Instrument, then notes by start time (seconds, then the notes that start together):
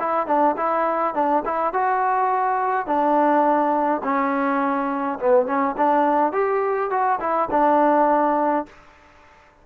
trombone
0.00 E4
0.27 D4
0.57 E4
1.15 D4
1.46 E4
1.74 F#4
2.87 D4
4.04 C#4
5.19 B3
5.47 C#4
5.77 D4
6.33 G4
6.90 F#4
7.20 E4
7.51 D4